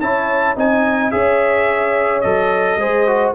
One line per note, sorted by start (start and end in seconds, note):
0.00 0.56 C#4
0.00 0.56 E4
0.00 0.57 C#5
0.00 0.56 A5
0.56 1.12 C4
0.56 1.11 D#4
0.56 1.13 D#5
0.56 1.11 G#5
1.11 2.24 C#4
1.11 2.22 G#4
1.11 2.79 C#5
1.11 2.21 E5
2.21 2.76 F#3
2.21 2.79 A4
2.21 3.32 D#5
2.76 3.31 G#3
2.76 3.07 G#4
2.76 3.34 C5
3.07 3.34 F#4